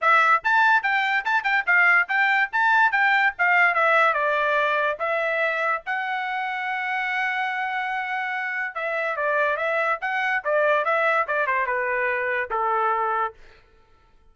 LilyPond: \new Staff \with { instrumentName = "trumpet" } { \time 4/4 \tempo 4 = 144 e''4 a''4 g''4 a''8 g''8 | f''4 g''4 a''4 g''4 | f''4 e''4 d''2 | e''2 fis''2~ |
fis''1~ | fis''4 e''4 d''4 e''4 | fis''4 d''4 e''4 d''8 c''8 | b'2 a'2 | }